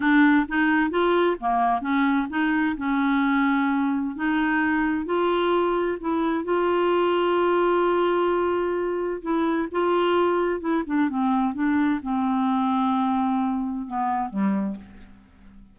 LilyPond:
\new Staff \with { instrumentName = "clarinet" } { \time 4/4 \tempo 4 = 130 d'4 dis'4 f'4 ais4 | cis'4 dis'4 cis'2~ | cis'4 dis'2 f'4~ | f'4 e'4 f'2~ |
f'1 | e'4 f'2 e'8 d'8 | c'4 d'4 c'2~ | c'2 b4 g4 | }